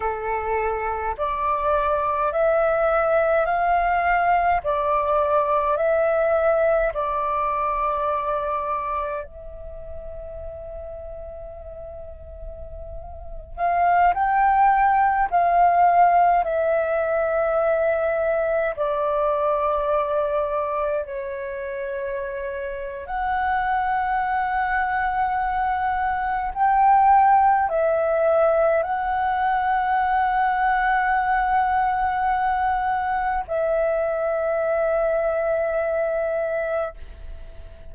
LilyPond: \new Staff \with { instrumentName = "flute" } { \time 4/4 \tempo 4 = 52 a'4 d''4 e''4 f''4 | d''4 e''4 d''2 | e''2.~ e''8. f''16~ | f''16 g''4 f''4 e''4.~ e''16~ |
e''16 d''2 cis''4.~ cis''16 | fis''2. g''4 | e''4 fis''2.~ | fis''4 e''2. | }